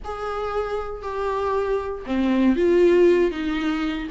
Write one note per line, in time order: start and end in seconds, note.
0.04 1.02 G#4
1.02 2.04 G4
2.05 2.56 C4
2.56 3.31 F4
3.31 4.08 D#4